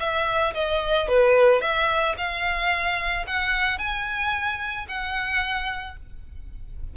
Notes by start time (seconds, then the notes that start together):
0.00 E5
0.55 D#5
1.09 B4
1.62 E5
2.18 F5
3.27 F#5
3.79 G#5
4.89 F#5